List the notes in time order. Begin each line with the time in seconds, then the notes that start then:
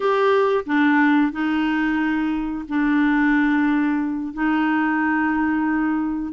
0.00 G4
0.65 D4
1.32 D#4
2.68 D4
4.33 D#4